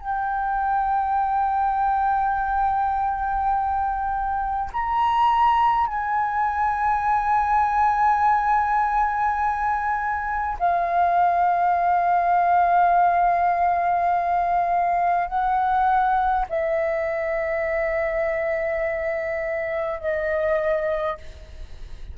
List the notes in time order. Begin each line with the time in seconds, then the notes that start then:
0.00 G5
4.73 A#5
5.88 G#5
10.59 F5
15.28 F#5
16.50 E5
20.01 D#5